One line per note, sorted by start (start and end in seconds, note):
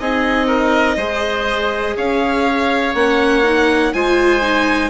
0.00 0.97 C4
0.00 0.98 D#4
0.00 0.47 G#4
0.00 1.97 D#5
0.47 0.96 A#4
0.97 1.95 G#3
0.97 2.95 G#4
0.97 1.95 C5
1.97 2.95 C#4
1.97 3.93 C#5
1.97 2.95 F5
2.95 3.93 A#3
2.95 3.44 C#4
2.95 3.94 F#5
3.44 3.93 D#4
3.94 4.90 G#3
3.94 4.42 F4
3.94 4.90 C5
3.94 4.90 G#5
4.42 4.90 D#4